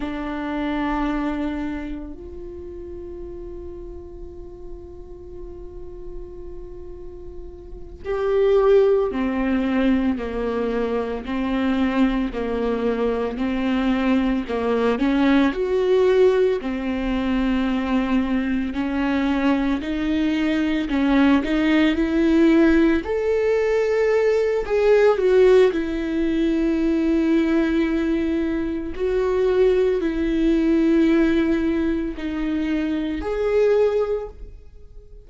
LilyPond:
\new Staff \with { instrumentName = "viola" } { \time 4/4 \tempo 4 = 56 d'2 f'2~ | f'2.~ f'8 g'8~ | g'8 c'4 ais4 c'4 ais8~ | ais8 c'4 ais8 cis'8 fis'4 c'8~ |
c'4. cis'4 dis'4 cis'8 | dis'8 e'4 a'4. gis'8 fis'8 | e'2. fis'4 | e'2 dis'4 gis'4 | }